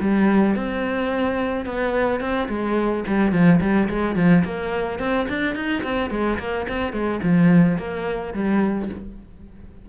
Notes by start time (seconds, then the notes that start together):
0.00 G3
0.55 C4
1.65 B3
2.20 C4
2.48 G#3
3.07 G3
3.32 F3
3.60 G3
3.88 G#3
4.15 F3
4.44 A#3
4.99 C4
5.29 D4
5.55 D#4
5.83 C4
6.10 G#3
6.39 A#3
6.68 C4
6.92 G#3
7.22 F3
7.78 A#3
8.34 G3